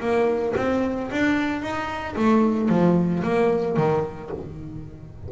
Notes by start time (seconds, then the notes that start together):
0.00 A#3
0.56 C4
1.11 D4
1.61 D#4
2.16 A3
2.69 F3
3.23 A#3
3.77 D#3